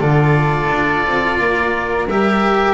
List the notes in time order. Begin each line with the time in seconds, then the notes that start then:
0.00 D3 F4 A4 D5
0.71 D4
1.06 C4
1.38 A#3 A#4
2.07 G3 G4 E5